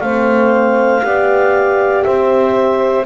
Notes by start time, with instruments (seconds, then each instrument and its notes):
0.00 double bass A3, horn C4, saxophone C5, clarinet F5
1.03 double bass B3, horn G4, saxophone D5
2.04 double bass C4, saxophone C5, clarinet E5